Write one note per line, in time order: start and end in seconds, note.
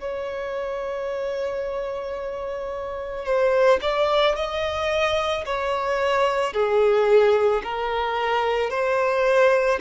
0.00 3.25 C#5
3.25 3.80 C5
3.82 4.36 D5
4.36 5.45 D#5
5.46 6.53 C#5
6.53 7.62 G#4
7.64 8.70 A#4
8.70 9.79 C5